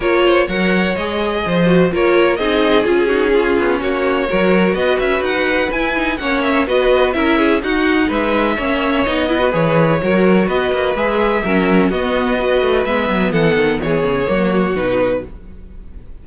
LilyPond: <<
  \new Staff \with { instrumentName = "violin" } { \time 4/4 \tempo 4 = 126 cis''4 fis''4 dis''2 | cis''4 dis''4 gis'2 | cis''2 dis''8 e''8 fis''4 | gis''4 fis''8 e''8 dis''4 e''4 |
fis''4 e''2 dis''4 | cis''2 dis''4 e''4~ | e''4 dis''2 e''4 | fis''4 cis''2 b'4 | }
  \new Staff \with { instrumentName = "violin" } { \time 4/4 ais'8 c''8 cis''2 c''4 | ais'4 gis'4. fis'8 f'4 | fis'4 ais'4 b'2~ | b'4 cis''4 b'4 ais'8 gis'8 |
fis'4 b'4 cis''4. b'8~ | b'4 ais'4 b'2 | ais'4 fis'4 b'2 | a'4 gis'4 fis'2 | }
  \new Staff \with { instrumentName = "viola" } { \time 4/4 f'4 ais'4 gis'4. fis'8 | f'4 dis'4 f'8 dis'8 cis'4~ | cis'4 fis'2. | e'8 dis'8 cis'4 fis'4 e'4 |
dis'2 cis'4 dis'8 e'16 fis'16 | gis'4 fis'2 gis'4 | cis'4 b4 fis'4 b4~ | b2 ais4 dis'4 | }
  \new Staff \with { instrumentName = "cello" } { \time 4/4 ais4 fis4 gis4 f4 | ais4 c'4 cis'4. b8 | ais4 fis4 b8 cis'8 dis'4 | e'4 ais4 b4 cis'4 |
dis'4 gis4 ais4 b4 | e4 fis4 b8 ais8 gis4 | fis4 b4. a8 gis8 fis8 | e8 dis8 e8 cis8 fis4 b,4 | }
>>